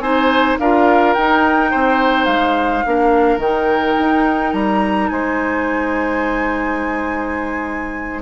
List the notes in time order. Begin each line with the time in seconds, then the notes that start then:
0.00 C4 D#4 C5 G#5
0.59 D4 F4 A#4 F5
1.14 D#4 G5
1.71 C4 C5
2.25 G#3 F5
2.85 A#3 D4 A#4
3.37 D#3 D#4 G5
3.99 D#4
4.53 G3 A#5
5.09 G#3 C5 G#5